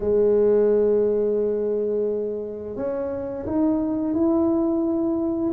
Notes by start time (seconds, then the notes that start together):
0.00 G#3
2.76 C#4
3.46 D#4
4.14 E4